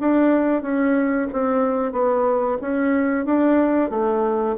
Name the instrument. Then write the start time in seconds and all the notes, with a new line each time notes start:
bassoon
0.00 D4
0.62 C#4
1.33 C4
1.92 B3
2.61 C#4
3.25 D4
3.90 A3